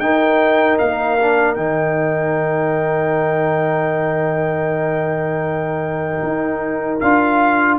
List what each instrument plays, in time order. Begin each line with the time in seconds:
0.00 tuba D#4, trombone D#4, horn A#4, trumpet G5
0.79 tuba A#3, trumpet F5
1.20 trombone D4
1.55 tuba D#3, trombone D#4, trumpet G5
6.23 tuba D#4
7.00 tuba D4, trombone F4, trumpet F5